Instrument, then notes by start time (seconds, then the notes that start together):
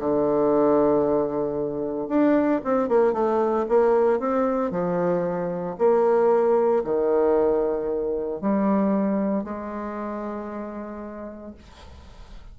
bassoon
0.00 D3
2.09 D4
2.65 C4
2.89 A#3
3.13 A3
3.69 A#3
4.20 C4
4.71 F3
5.79 A#3
6.85 D#3
8.42 G3
9.44 G#3